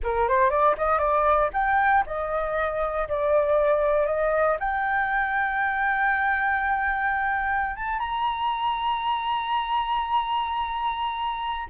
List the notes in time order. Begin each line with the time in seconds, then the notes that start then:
0.03 A#4
0.28 C5
0.49 D5
0.77 D#5
0.98 D5
1.53 G5
2.06 D#5
3.08 D5
4.06 D#5
4.59 G5
7.76 A5
7.99 A#5